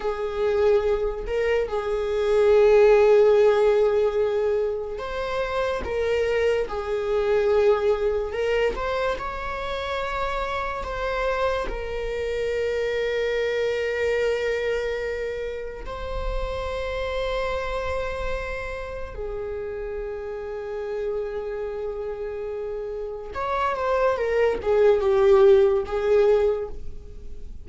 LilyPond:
\new Staff \with { instrumentName = "viola" } { \time 4/4 \tempo 4 = 72 gis'4. ais'8 gis'2~ | gis'2 c''4 ais'4 | gis'2 ais'8 c''8 cis''4~ | cis''4 c''4 ais'2~ |
ais'2. c''4~ | c''2. gis'4~ | gis'1 | cis''8 c''8 ais'8 gis'8 g'4 gis'4 | }